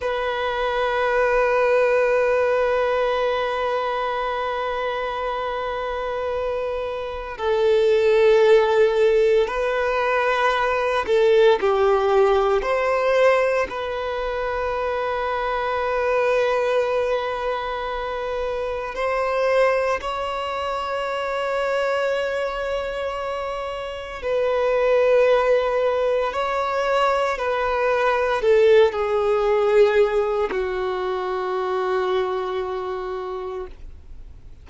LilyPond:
\new Staff \with { instrumentName = "violin" } { \time 4/4 \tempo 4 = 57 b'1~ | b'2. a'4~ | a'4 b'4. a'8 g'4 | c''4 b'2.~ |
b'2 c''4 cis''4~ | cis''2. b'4~ | b'4 cis''4 b'4 a'8 gis'8~ | gis'4 fis'2. | }